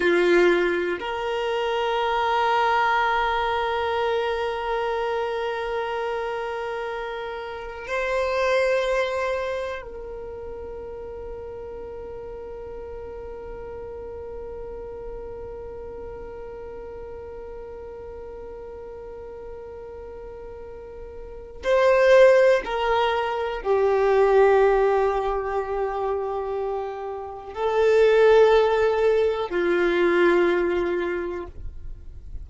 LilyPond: \new Staff \with { instrumentName = "violin" } { \time 4/4 \tempo 4 = 61 f'4 ais'2.~ | ais'1 | c''2 ais'2~ | ais'1~ |
ais'1~ | ais'2 c''4 ais'4 | g'1 | a'2 f'2 | }